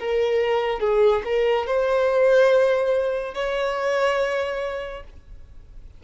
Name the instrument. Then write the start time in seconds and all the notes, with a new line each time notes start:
violin
0.00 A#4
0.80 G#4
1.25 A#4
1.67 C5
3.35 C#5